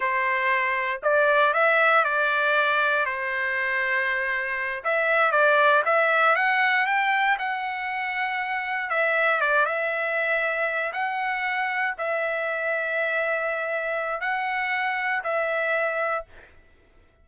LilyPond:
\new Staff \with { instrumentName = "trumpet" } { \time 4/4 \tempo 4 = 118 c''2 d''4 e''4 | d''2 c''2~ | c''4. e''4 d''4 e''8~ | e''8 fis''4 g''4 fis''4.~ |
fis''4. e''4 d''8 e''4~ | e''4. fis''2 e''8~ | e''1 | fis''2 e''2 | }